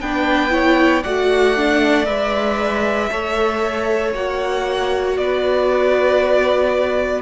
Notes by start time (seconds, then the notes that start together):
0.00 B3 D4 B4 G5
0.50 E4 C#5
1.03 A3 F#4 D5 F#5
1.56 D4
2.05 G#3 B4 E5
3.11 A3 A4 C#5
4.14 A#3 F#4 F#5
5.17 B3 B4 D5